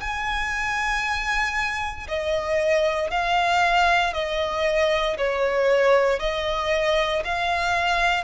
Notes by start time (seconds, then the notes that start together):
0.00 G#5
2.08 D#5
3.10 F5
4.13 D#5
5.17 C#5
6.19 D#5
7.24 F5